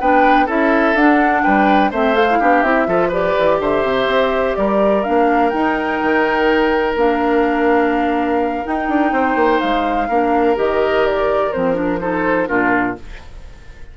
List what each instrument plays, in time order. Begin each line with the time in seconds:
0.00 bassoon B3, clarinet D4, oboe B4, flute G5
0.46 bassoon C#4, clarinet E4, oboe A4, flute E5
0.95 bassoon D4, clarinet D4, flute F#5
1.43 bassoon G3, oboe B4, flute G5
1.91 bassoon A3, clarinet C4, oboe C5, flute E5
2.14 clarinet A4, flute F5
2.30 clarinet E4
2.39 bassoon B3, clarinet D4, oboe G4
2.62 bassoon C4, clarinet E4, flute E5
2.87 bassoon F3, clarinet F4, oboe A4
3.08 clarinet G4, oboe B4, flute D5
3.39 bassoon E3
3.60 bassoon D3, oboe C5, flute E5
3.84 bassoon C3
4.07 bassoon C4
4.56 bassoon G3, oboe A#4, flute D5
5.04 bassoon A#3, clarinet D4, flute F5
5.50 clarinet D#4, bassoon D#4, flute G5
6.02 bassoon D#3
6.96 bassoon A#3, clarinet D4, flute F5
8.64 clarinet D#4, bassoon D#4, flute G5
8.88 bassoon D4
9.12 bassoon C4, oboe C5
9.35 bassoon A#3
9.60 bassoon G#3, flute F5
10.08 bassoon A#3, clarinet D4, oboe A#4
10.56 bassoon D#3, clarinet G4, flute D#5
11.06 flute D5
11.52 bassoon F3, clarinet C4, flute C5
11.74 clarinet D4, flute A#4
12.00 clarinet D#4, oboe A4, flute C5
12.47 bassoon A#2, clarinet D4, oboe F4, flute A#4